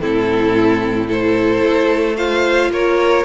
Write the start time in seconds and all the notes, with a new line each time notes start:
0.00 A2 C4 E4 A4
1.07 E4 A4 C5
1.63 A3
2.16 F4 C5 F5
2.70 A#3 A#4 C#5